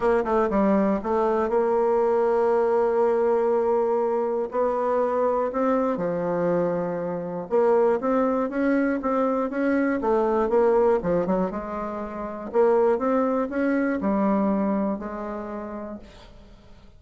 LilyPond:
\new Staff \with { instrumentName = "bassoon" } { \time 4/4 \tempo 4 = 120 ais8 a8 g4 a4 ais4~ | ais1~ | ais4 b2 c'4 | f2. ais4 |
c'4 cis'4 c'4 cis'4 | a4 ais4 f8 fis8 gis4~ | gis4 ais4 c'4 cis'4 | g2 gis2 | }